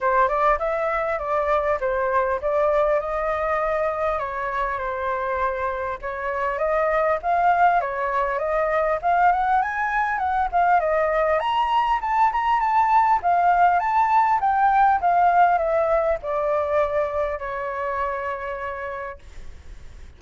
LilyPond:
\new Staff \with { instrumentName = "flute" } { \time 4/4 \tempo 4 = 100 c''8 d''8 e''4 d''4 c''4 | d''4 dis''2 cis''4 | c''2 cis''4 dis''4 | f''4 cis''4 dis''4 f''8 fis''8 |
gis''4 fis''8 f''8 dis''4 ais''4 | a''8 ais''8 a''4 f''4 a''4 | g''4 f''4 e''4 d''4~ | d''4 cis''2. | }